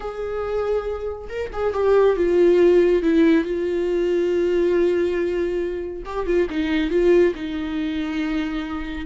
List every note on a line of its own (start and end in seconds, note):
0.00 1.28 G#4
1.29 1.50 A#4
1.52 1.73 G#4
1.73 2.16 G4
2.16 3.02 F4
3.02 3.44 E4
3.44 6.03 F4
6.05 6.26 G4
6.26 6.48 F4
6.50 6.90 D#4
6.90 7.33 F4
7.35 9.05 D#4